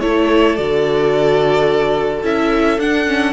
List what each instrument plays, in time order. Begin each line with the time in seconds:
0.00 cello A3, viola E4, violin A4 C#5
0.56 cello D3, viola F#4, violin D5
2.23 cello C#4, viola E4, violin E5
2.78 cello D4, viola D4, violin F#5
3.06 viola C#4